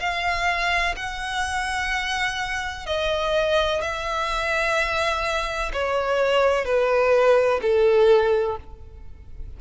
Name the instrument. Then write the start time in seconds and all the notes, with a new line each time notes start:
violin
0.00 F5
0.97 F#5
2.87 D#5
3.81 E5
5.73 C#5
6.65 B4
7.62 A4